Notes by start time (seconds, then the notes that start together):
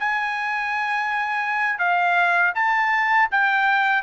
0.00 G#5
1.79 F5
2.55 A5
3.31 G5